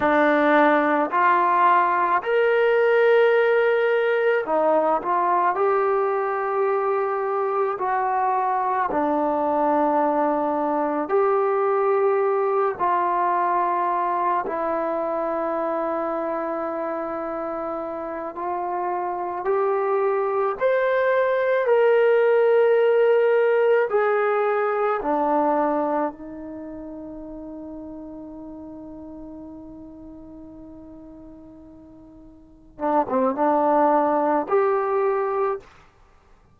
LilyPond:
\new Staff \with { instrumentName = "trombone" } { \time 4/4 \tempo 4 = 54 d'4 f'4 ais'2 | dis'8 f'8 g'2 fis'4 | d'2 g'4. f'8~ | f'4 e'2.~ |
e'8 f'4 g'4 c''4 ais'8~ | ais'4. gis'4 d'4 dis'8~ | dis'1~ | dis'4. d'16 c'16 d'4 g'4 | }